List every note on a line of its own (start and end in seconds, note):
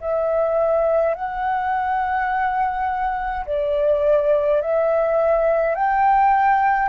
0.00 1.14 E5
1.14 3.45 F#5
3.46 4.61 D5
4.61 5.75 E5
5.75 6.89 G5